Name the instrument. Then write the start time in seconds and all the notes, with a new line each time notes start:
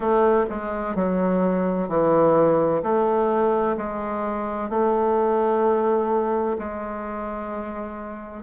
bassoon
0.00 A3
0.49 G#3
0.95 F#3
1.88 E3
2.82 A3
3.77 G#3
4.69 A3
6.58 G#3